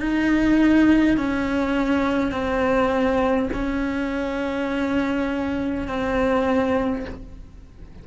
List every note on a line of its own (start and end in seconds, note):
0.00 1.17 D#4
1.17 2.32 C#4
2.32 3.49 C4
3.53 5.88 C#4
5.88 7.05 C4